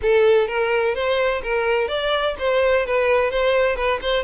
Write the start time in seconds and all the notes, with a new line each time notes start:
0.02 A4
0.47 A#4
0.94 C5
1.42 A#4
1.88 D5
2.39 C5
2.86 B4
3.30 C5
3.76 B4
4.01 C5